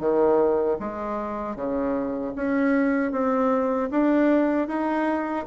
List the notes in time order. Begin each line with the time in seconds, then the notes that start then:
0.00 D#3
0.80 G#3
1.56 C#3
2.36 C#4
3.12 C4
3.91 D4
4.68 D#4